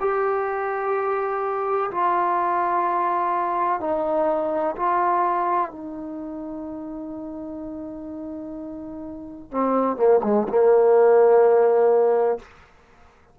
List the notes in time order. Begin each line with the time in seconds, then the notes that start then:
0.00 G4
1.91 F4
3.80 D#4
4.76 F4
5.71 D#4
9.51 C4
9.96 A#3
10.23 G#3
10.48 A#3